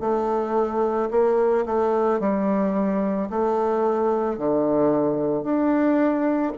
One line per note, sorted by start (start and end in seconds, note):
0.00 1.09 A3
1.10 1.65 A#3
1.65 2.19 A3
2.19 3.28 G3
3.29 4.37 A3
4.37 5.43 D3
5.43 6.52 D4